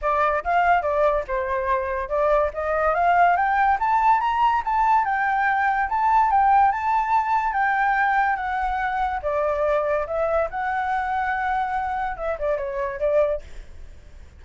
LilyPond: \new Staff \with { instrumentName = "flute" } { \time 4/4 \tempo 4 = 143 d''4 f''4 d''4 c''4~ | c''4 d''4 dis''4 f''4 | g''4 a''4 ais''4 a''4 | g''2 a''4 g''4 |
a''2 g''2 | fis''2 d''2 | e''4 fis''2.~ | fis''4 e''8 d''8 cis''4 d''4 | }